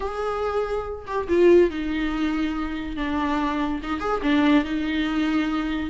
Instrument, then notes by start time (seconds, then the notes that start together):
viola
0.00 G#4
1.06 G4
1.28 F4
1.70 D#4
2.96 D4
3.82 D#4
4.00 G#4
4.22 D4
4.64 D#4